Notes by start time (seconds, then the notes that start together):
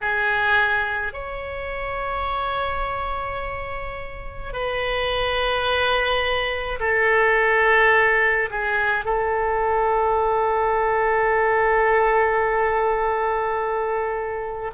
0.01 G#4
1.13 C#5
4.52 B4
6.79 A4
8.50 G#4
9.04 A4